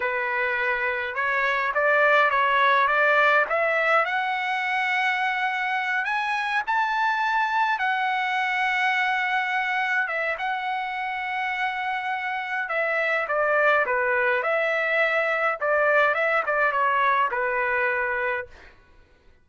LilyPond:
\new Staff \with { instrumentName = "trumpet" } { \time 4/4 \tempo 4 = 104 b'2 cis''4 d''4 | cis''4 d''4 e''4 fis''4~ | fis''2~ fis''8 gis''4 a''8~ | a''4. fis''2~ fis''8~ |
fis''4. e''8 fis''2~ | fis''2 e''4 d''4 | b'4 e''2 d''4 | e''8 d''8 cis''4 b'2 | }